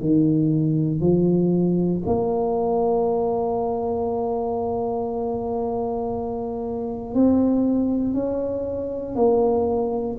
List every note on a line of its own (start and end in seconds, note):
0.00 1.00 D#3
1.00 2.02 F3
2.06 7.14 A#3
7.14 8.14 C4
8.14 9.15 C#4
9.15 10.16 A#3